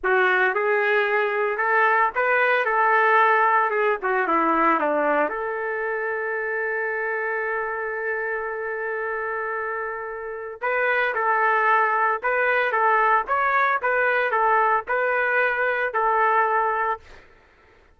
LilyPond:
\new Staff \with { instrumentName = "trumpet" } { \time 4/4 \tempo 4 = 113 fis'4 gis'2 a'4 | b'4 a'2 gis'8 fis'8 | e'4 d'4 a'2~ | a'1~ |
a'1 | b'4 a'2 b'4 | a'4 cis''4 b'4 a'4 | b'2 a'2 | }